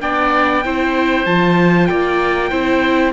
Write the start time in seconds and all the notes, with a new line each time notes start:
0.00 B3 D4 D5 G5
0.64 C4 E4 C5
1.25 F3 F4 A5
1.86 A#3 D5 G5
2.50 C4 E4 C5